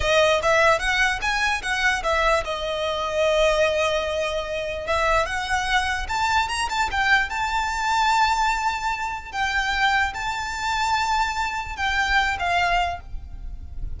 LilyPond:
\new Staff \with { instrumentName = "violin" } { \time 4/4 \tempo 4 = 148 dis''4 e''4 fis''4 gis''4 | fis''4 e''4 dis''2~ | dis''1 | e''4 fis''2 a''4 |
ais''8 a''8 g''4 a''2~ | a''2. g''4~ | g''4 a''2.~ | a''4 g''4. f''4. | }